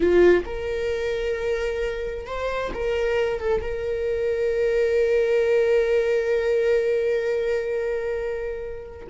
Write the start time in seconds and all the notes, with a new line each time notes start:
0.00 F4
0.45 A#4
2.26 C5
2.73 A#4
3.40 A4
3.61 A#4